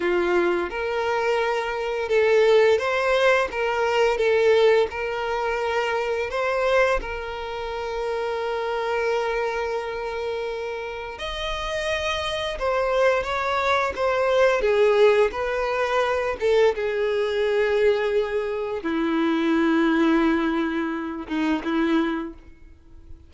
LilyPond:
\new Staff \with { instrumentName = "violin" } { \time 4/4 \tempo 4 = 86 f'4 ais'2 a'4 | c''4 ais'4 a'4 ais'4~ | ais'4 c''4 ais'2~ | ais'1 |
dis''2 c''4 cis''4 | c''4 gis'4 b'4. a'8 | gis'2. e'4~ | e'2~ e'8 dis'8 e'4 | }